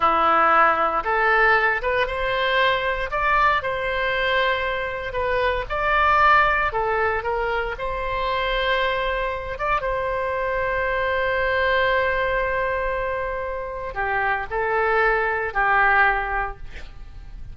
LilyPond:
\new Staff \with { instrumentName = "oboe" } { \time 4/4 \tempo 4 = 116 e'2 a'4. b'8 | c''2 d''4 c''4~ | c''2 b'4 d''4~ | d''4 a'4 ais'4 c''4~ |
c''2~ c''8 d''8 c''4~ | c''1~ | c''2. g'4 | a'2 g'2 | }